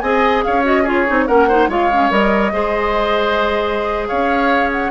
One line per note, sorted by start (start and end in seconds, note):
0.00 0.43 C4
0.00 0.63 G#4
0.00 0.44 D#5
0.00 0.42 G#5
0.43 1.10 C#4
0.43 0.83 C#5
0.43 0.64 F5
0.63 0.84 F#4
0.63 0.86 D#5
0.83 1.07 F4
0.83 1.24 G#4
0.83 1.28 C#5
1.07 1.28 C4
1.07 1.28 D#4
1.28 1.68 A#3
1.28 1.49 C#4
1.28 1.48 A#4
1.28 1.69 F#5
1.48 1.70 D#4
1.48 1.69 C5
1.68 2.09 G#3
1.68 1.91 F4
1.68 2.52 C#5
1.68 2.12 F5
1.92 2.11 C#4
2.11 2.52 G3
2.11 2.52 A#4
2.11 4.08 D#5
2.53 4.09 G#3
2.53 4.91 G#4
2.53 4.08 C5
4.08 4.91 C#4
4.08 4.91 C#5
4.08 4.70 F5
4.71 4.91 F#5